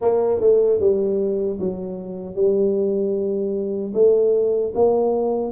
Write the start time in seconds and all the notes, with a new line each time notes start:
0.01 A#3
0.40 A3
0.80 G3
1.59 F#3
2.35 G3
3.94 A3
4.74 A#3